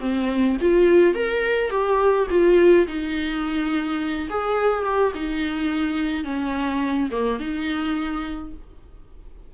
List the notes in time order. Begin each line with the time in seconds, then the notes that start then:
0.00 C4
0.61 F4
1.14 A#4
1.70 G4
2.30 F4
2.87 D#4
4.30 G#4
4.84 G4
5.14 D#4
6.24 C#4
7.11 A#3
7.39 D#4